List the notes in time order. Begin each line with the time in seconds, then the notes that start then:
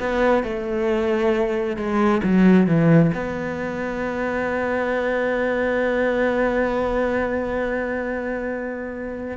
0.00 B3
0.44 A3
1.77 G#3
2.23 F#3
2.67 E3
3.15 B3